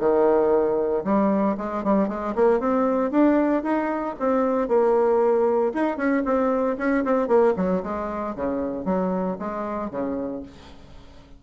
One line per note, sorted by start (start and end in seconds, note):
0.00 1.04 D#3
1.05 1.57 G3
1.58 1.84 G#3
1.84 2.09 G3
2.09 2.35 G#3
2.36 2.60 A#3
2.60 3.12 C4
3.12 3.64 D4
3.64 4.16 D#4
4.20 4.69 C4
4.69 5.73 A#3
5.74 5.97 D#4
5.97 6.23 C#4
6.25 6.78 C4
6.78 7.05 C#4
7.05 7.28 C4
7.28 7.54 A#3
7.57 7.83 F#3
7.84 8.36 G#3
8.36 8.86 C#3
8.86 9.38 F#3
9.40 9.91 G#3
9.91 10.43 C#3